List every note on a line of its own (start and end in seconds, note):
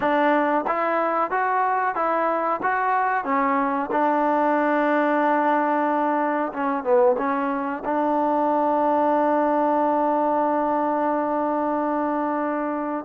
0.00 0.65 D4
0.67 1.30 E4
1.30 1.95 F#4
1.95 2.60 E4
2.62 3.24 F#4
3.24 3.90 C#4
3.91 6.52 D4
6.53 6.83 C#4
6.83 7.16 B3
7.17 7.83 C#4
7.84 13.05 D4